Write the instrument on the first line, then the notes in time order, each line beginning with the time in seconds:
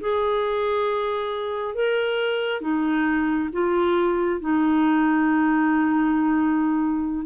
clarinet
0.00 G#4
1.74 A#4
2.61 D#4
3.53 F4
4.41 D#4